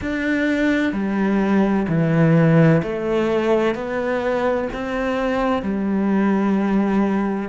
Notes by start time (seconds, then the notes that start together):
0.01 D4
0.92 G3
1.88 E3
2.83 A3
3.75 B3
4.73 C4
5.62 G3